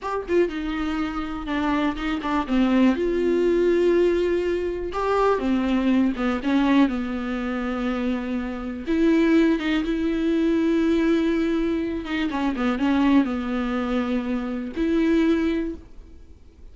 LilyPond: \new Staff \with { instrumentName = "viola" } { \time 4/4 \tempo 4 = 122 g'8 f'8 dis'2 d'4 | dis'8 d'8 c'4 f'2~ | f'2 g'4 c'4~ | c'8 b8 cis'4 b2~ |
b2 e'4. dis'8 | e'1~ | e'8 dis'8 cis'8 b8 cis'4 b4~ | b2 e'2 | }